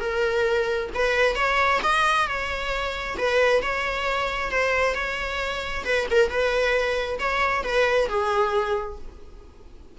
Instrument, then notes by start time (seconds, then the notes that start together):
viola
0.00 A#4
0.94 B4
1.35 C#5
1.83 D#5
2.27 C#5
3.17 B4
3.62 C#5
4.51 C5
4.94 C#5
5.84 B4
6.10 A#4
6.29 B4
7.19 C#5
7.63 B4
8.08 G#4